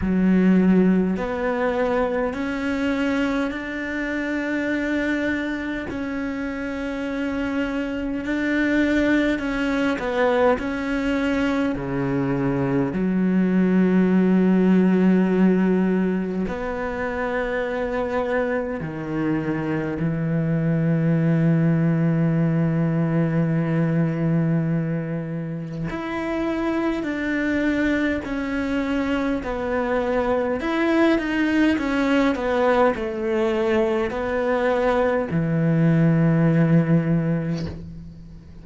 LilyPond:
\new Staff \with { instrumentName = "cello" } { \time 4/4 \tempo 4 = 51 fis4 b4 cis'4 d'4~ | d'4 cis'2 d'4 | cis'8 b8 cis'4 cis4 fis4~ | fis2 b2 |
dis4 e2.~ | e2 e'4 d'4 | cis'4 b4 e'8 dis'8 cis'8 b8 | a4 b4 e2 | }